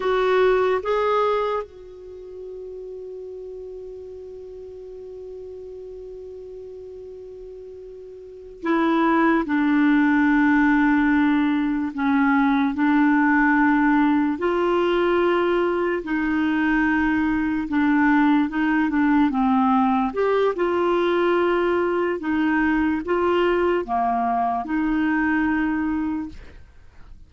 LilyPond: \new Staff \with { instrumentName = "clarinet" } { \time 4/4 \tempo 4 = 73 fis'4 gis'4 fis'2~ | fis'1~ | fis'2~ fis'8 e'4 d'8~ | d'2~ d'8 cis'4 d'8~ |
d'4. f'2 dis'8~ | dis'4. d'4 dis'8 d'8 c'8~ | c'8 g'8 f'2 dis'4 | f'4 ais4 dis'2 | }